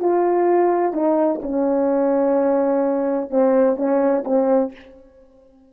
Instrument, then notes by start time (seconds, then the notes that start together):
horn
0.00 F4
0.93 D#4
1.42 C#4
3.30 C4
3.76 C#4
4.25 C4